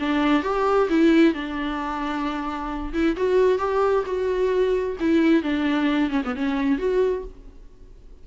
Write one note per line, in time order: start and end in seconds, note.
0.00 0.43 D4
0.43 0.89 G4
0.90 1.34 E4
1.34 2.93 D4
2.94 3.16 E4
3.17 3.59 F#4
3.59 4.04 G4
4.06 4.97 F#4
5.00 5.43 E4
5.43 6.11 D4
6.11 6.22 C#4
6.25 6.36 B3
6.36 6.79 C#4
6.79 7.24 F#4